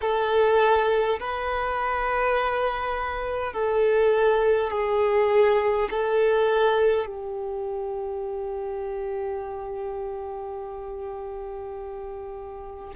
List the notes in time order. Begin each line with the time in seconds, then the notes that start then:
0.01 A4
1.19 B4
3.53 A4
4.71 G#4
5.90 A4
7.06 G4